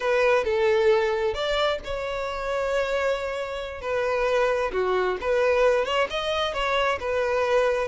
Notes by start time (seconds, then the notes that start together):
0.00 B4
0.44 A4
1.33 D5
1.84 C#5
3.81 B4
4.72 F#4
5.21 B4
5.85 C#5
6.10 D#5
6.53 C#5
6.99 B4